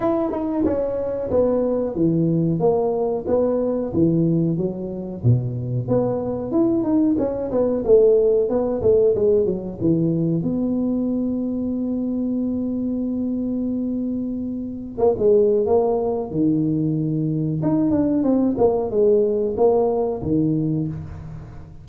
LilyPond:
\new Staff \with { instrumentName = "tuba" } { \time 4/4 \tempo 4 = 92 e'8 dis'8 cis'4 b4 e4 | ais4 b4 e4 fis4 | b,4 b4 e'8 dis'8 cis'8 b8 | a4 b8 a8 gis8 fis8 e4 |
b1~ | b2. ais16 gis8. | ais4 dis2 dis'8 d'8 | c'8 ais8 gis4 ais4 dis4 | }